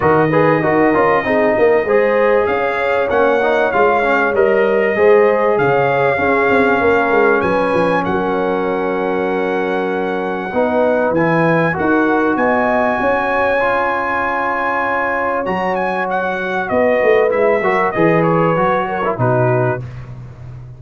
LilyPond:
<<
  \new Staff \with { instrumentName = "trumpet" } { \time 4/4 \tempo 4 = 97 dis''1 | f''4 fis''4 f''4 dis''4~ | dis''4 f''2. | gis''4 fis''2.~ |
fis''2 gis''4 fis''4 | gis''1~ | gis''4 ais''8 gis''8 fis''4 dis''4 | e''4 dis''8 cis''4. b'4 | }
  \new Staff \with { instrumentName = "horn" } { \time 4/4 ais'8 b'8 ais'4 gis'8 ais'8 c''4 | cis''1 | c''4 cis''4 gis'4 ais'4 | b'4 ais'2.~ |
ais'4 b'2 ais'4 | dis''4 cis''2.~ | cis''2. b'4~ | b'8 ais'8 b'4. ais'8 fis'4 | }
  \new Staff \with { instrumentName = "trombone" } { \time 4/4 fis'8 gis'8 fis'8 f'8 dis'4 gis'4~ | gis'4 cis'8 dis'8 f'8 cis'8 ais'4 | gis'2 cis'2~ | cis'1~ |
cis'4 dis'4 e'4 fis'4~ | fis'2 f'2~ | f'4 fis'2. | e'8 fis'8 gis'4 fis'8. e'16 dis'4 | }
  \new Staff \with { instrumentName = "tuba" } { \time 4/4 dis4 dis'8 cis'8 c'8 ais8 gis4 | cis'4 ais4 gis4 g4 | gis4 cis4 cis'8 c'8 ais8 gis8 | fis8 f8 fis2.~ |
fis4 b4 e4 dis'4 | b4 cis'2.~ | cis'4 fis2 b8 a8 | gis8 fis8 e4 fis4 b,4 | }
>>